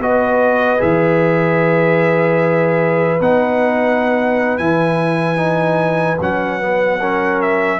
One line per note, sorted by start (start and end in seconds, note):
0.00 0.80 B3
0.00 0.78 F#4
0.00 7.00 B4
0.00 0.81 D#5
0.78 3.21 E3
0.78 3.18 G#4
0.78 3.21 E5
3.21 4.59 B3
3.21 4.60 D#4
3.21 4.58 F#5
4.58 6.19 E3
4.58 5.37 E4
4.58 6.18 G#5
5.37 6.17 D#4
6.20 7.80 F#3
6.20 6.60 C#4
6.20 7.42 F#5
6.60 7.00 B3
7.00 7.80 C#4
7.00 7.80 A#4
7.42 7.80 E5